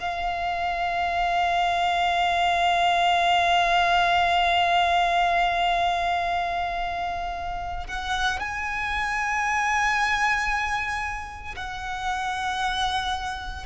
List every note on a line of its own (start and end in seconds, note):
0.00 7.87 F5
7.87 8.39 F#5
8.39 11.55 G#5
11.56 13.66 F#5